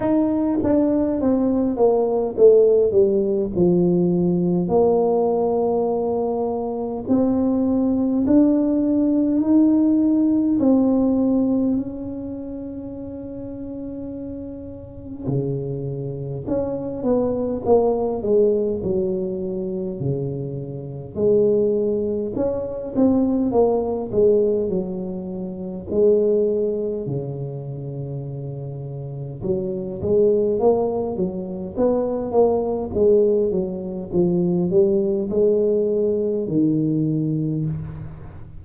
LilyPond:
\new Staff \with { instrumentName = "tuba" } { \time 4/4 \tempo 4 = 51 dis'8 d'8 c'8 ais8 a8 g8 f4 | ais2 c'4 d'4 | dis'4 c'4 cis'2~ | cis'4 cis4 cis'8 b8 ais8 gis8 |
fis4 cis4 gis4 cis'8 c'8 | ais8 gis8 fis4 gis4 cis4~ | cis4 fis8 gis8 ais8 fis8 b8 ais8 | gis8 fis8 f8 g8 gis4 dis4 | }